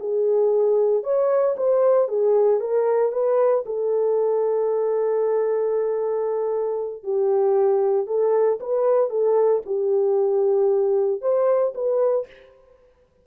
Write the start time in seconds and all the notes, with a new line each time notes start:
0.00 G#4
1.03 C#5
1.57 C5
2.08 G#4
2.60 A#4
3.12 B4
3.66 A4
7.03 G4
8.07 A4
8.60 B4
9.10 A4
9.66 G4
11.22 C5
11.75 B4